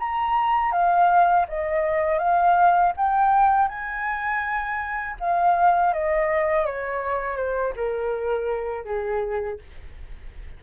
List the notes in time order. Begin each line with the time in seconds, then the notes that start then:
0.00 A#5
0.72 F5
1.48 D#5
2.19 F5
2.97 G5
3.69 G#5
5.20 F5
5.94 D#5
6.66 C#5
7.37 C5
7.76 A#4
8.85 G#4